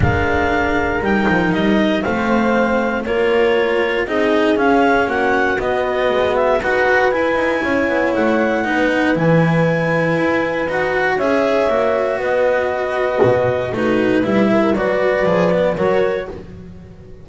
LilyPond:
<<
  \new Staff \with { instrumentName = "clarinet" } { \time 4/4 \tempo 4 = 118 f''2 g''4 dis''4 | f''2 cis''2 | dis''4 f''4 fis''4 dis''4~ | dis''8 e''8 fis''4 gis''2 |
fis''2 gis''2~ | gis''4 fis''4 e''2 | dis''2. b'4 | e''4 d''2 cis''4 | }
  \new Staff \with { instrumentName = "horn" } { \time 4/4 ais'1 | c''2 ais'2 | gis'2 fis'2~ | fis'4 b'2 cis''4~ |
cis''4 b'2.~ | b'2 cis''2 | b'2. fis'4 | b'8 ais'8 b'2 ais'4 | }
  \new Staff \with { instrumentName = "cello" } { \time 4/4 d'2 dis'2 | c'2 f'2 | dis'4 cis'2 b4~ | b4 fis'4 e'2~ |
e'4 dis'4 e'2~ | e'4 fis'4 gis'4 fis'4~ | fis'2. dis'4 | e'4 fis'4 gis'8 b8 fis'4 | }
  \new Staff \with { instrumentName = "double bass" } { \time 4/4 gis2 g8 f8 g4 | a2 ais2 | c'4 cis'4 ais4 b4 | gis4 dis'4 e'8 dis'8 cis'8 b8 |
a4 b4 e2 | e'4 dis'4 cis'4 ais4 | b2 b,4 a4 | g4 fis4 f4 fis4 | }
>>